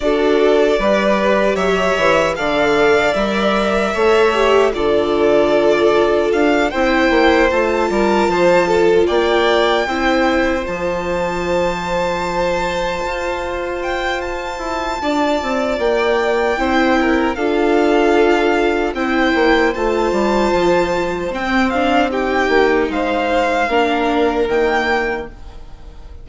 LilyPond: <<
  \new Staff \with { instrumentName = "violin" } { \time 4/4 \tempo 4 = 76 d''2 e''4 f''4 | e''2 d''2 | f''8 g''4 a''2 g''8~ | g''4. a''2~ a''8~ |
a''4. g''8 a''2 | g''2 f''2 | g''4 a''2 g''8 f''8 | g''4 f''2 g''4 | }
  \new Staff \with { instrumentName = "violin" } { \time 4/4 a'4 b'4 cis''4 d''4~ | d''4 cis''4 a'2~ | a'8 c''4. ais'8 c''8 a'8 d''8~ | d''8 c''2.~ c''8~ |
c''2. d''4~ | d''4 c''8 ais'8 a'2 | c''1 | g'4 c''4 ais'2 | }
  \new Staff \with { instrumentName = "viola" } { \time 4/4 fis'4 g'2 a'4 | ais'4 a'8 g'8 f'2~ | f'8 e'4 f'2~ f'8~ | f'8 e'4 f'2~ f'8~ |
f'1~ | f'4 e'4 f'2 | e'4 f'2 c'8 d'8 | dis'2 d'4 ais4 | }
  \new Staff \with { instrumentName = "bassoon" } { \time 4/4 d'4 g4 fis8 e8 d4 | g4 a4 d2 | d'8 c'8 ais8 a8 g8 f4 ais8~ | ais8 c'4 f2~ f8~ |
f8 f'2 e'8 d'8 c'8 | ais4 c'4 d'2 | c'8 ais8 a8 g8 f4 c'4~ | c'8 ais8 gis4 ais4 dis4 | }
>>